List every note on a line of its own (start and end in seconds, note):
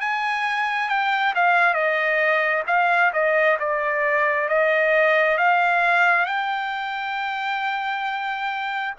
0.00 0.89 G#5
0.89 1.34 G5
1.35 1.73 F5
1.73 2.63 D#5
2.67 3.12 F5
3.13 3.57 D#5
3.59 4.49 D5
4.49 5.38 D#5
5.38 6.26 F5
6.26 8.94 G5